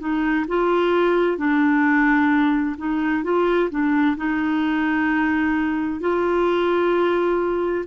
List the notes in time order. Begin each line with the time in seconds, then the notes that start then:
0.00 D#4
0.48 F4
1.38 D4
2.78 D#4
3.24 F4
3.70 D4
4.17 D#4
6.01 F4